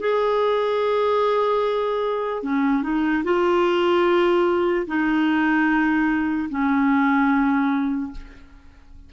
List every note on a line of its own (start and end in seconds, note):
0.00 2.43 G#4
2.43 2.83 C#4
2.83 3.24 D#4
3.24 4.86 F4
4.87 6.49 D#4
6.50 8.12 C#4